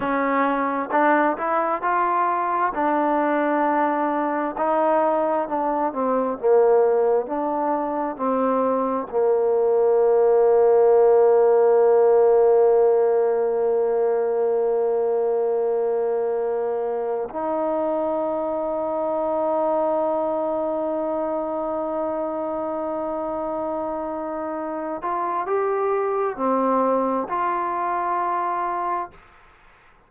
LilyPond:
\new Staff \with { instrumentName = "trombone" } { \time 4/4 \tempo 4 = 66 cis'4 d'8 e'8 f'4 d'4~ | d'4 dis'4 d'8 c'8 ais4 | d'4 c'4 ais2~ | ais1~ |
ais2. dis'4~ | dis'1~ | dis'2.~ dis'8 f'8 | g'4 c'4 f'2 | }